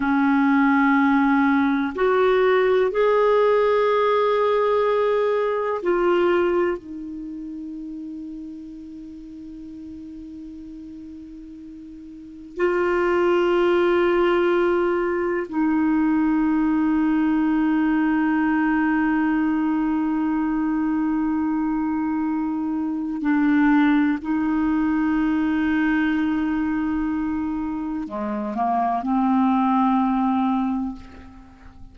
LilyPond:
\new Staff \with { instrumentName = "clarinet" } { \time 4/4 \tempo 4 = 62 cis'2 fis'4 gis'4~ | gis'2 f'4 dis'4~ | dis'1~ | dis'4 f'2. |
dis'1~ | dis'1 | d'4 dis'2.~ | dis'4 gis8 ais8 c'2 | }